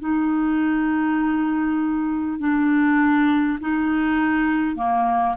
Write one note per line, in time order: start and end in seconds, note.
0.00 2.39 D#4
2.39 3.59 D4
3.61 4.76 D#4
4.76 5.36 A#3